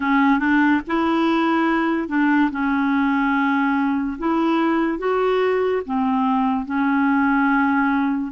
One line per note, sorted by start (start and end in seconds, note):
0.00 0.39 C#4
0.39 0.81 D4
0.87 2.08 E4
2.08 2.50 D4
2.51 4.17 C#4
4.18 4.98 E4
4.98 5.81 F#4
5.85 6.65 C4
6.65 8.31 C#4